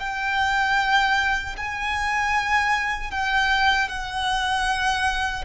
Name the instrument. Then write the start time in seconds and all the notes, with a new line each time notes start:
violin
0.00 G5
1.57 G#5
3.11 G5
3.89 F#5